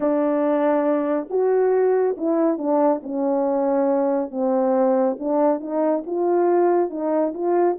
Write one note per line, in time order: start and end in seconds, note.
0.00 1.28 D4
1.29 2.16 F#4
2.17 2.58 E4
2.58 3.01 D4
3.02 4.30 C#4
4.30 5.17 C4
5.19 5.60 D4
5.60 6.03 D#4
6.06 6.89 F4
6.89 7.33 D#4
7.33 7.77 F4